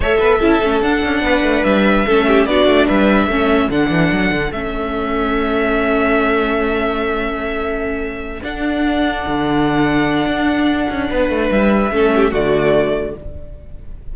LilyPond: <<
  \new Staff \with { instrumentName = "violin" } { \time 4/4 \tempo 4 = 146 e''2 fis''2 | e''2 d''4 e''4~ | e''4 fis''2 e''4~ | e''1~ |
e''1~ | e''8 fis''2.~ fis''8~ | fis''1 | e''2 d''2 | }
  \new Staff \with { instrumentName = "violin" } { \time 4/4 cis''8 b'8 a'2 b'4~ | b'4 a'8 g'8 fis'4 b'4 | a'1~ | a'1~ |
a'1~ | a'1~ | a'2. b'4~ | b'4 a'8 g'8 fis'2 | }
  \new Staff \with { instrumentName = "viola" } { \time 4/4 a'4 e'8 cis'8 d'2~ | d'4 cis'4 d'2 | cis'4 d'2 cis'4~ | cis'1~ |
cis'1~ | cis'8 d'2.~ d'8~ | d'1~ | d'4 cis'4 a2 | }
  \new Staff \with { instrumentName = "cello" } { \time 4/4 a8 b8 cis'8 a8 d'8 cis'8 b8 a8 | g4 a4 b8 a8 g4 | a4 d8 e8 fis8 d8 a4~ | a1~ |
a1~ | a8 d'2 d4.~ | d4 d'4. cis'8 b8 a8 | g4 a4 d2 | }
>>